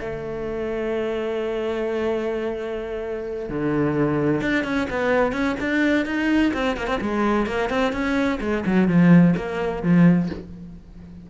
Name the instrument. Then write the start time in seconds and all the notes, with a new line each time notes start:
cello
0.00 A3
3.49 D3
4.41 D4
4.64 C#4
4.90 B3
5.32 C#4
5.60 D4
6.05 D#4
6.54 C4
6.77 A#3
6.87 C4
7.01 G#3
7.46 A#3
7.69 C4
7.92 C#4
8.40 G#3
8.66 F#3
8.88 F3
9.36 A#3
9.83 F3